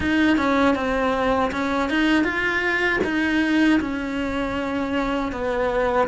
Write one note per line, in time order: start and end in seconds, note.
0.00 0.37 D#4
0.37 0.75 C#4
0.75 1.51 C4
1.51 1.89 C#4
1.89 2.23 D#4
2.23 2.99 F4
3.03 3.79 D#4
3.80 5.32 C#4
5.32 6.08 B3